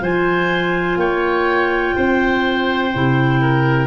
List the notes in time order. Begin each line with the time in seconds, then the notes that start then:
0.00 F3 F4 C5 G#5
0.96 A#3 C#5 G5
1.95 C4 C5
2.93 C3 E4
3.41 A#4